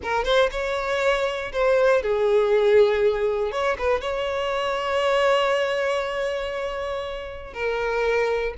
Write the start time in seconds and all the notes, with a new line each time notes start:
0.03 A#4
0.24 C5
0.51 C#5
1.52 C5
2.02 G#4
3.51 C#5
3.78 B4
4.01 C#5
7.53 A#4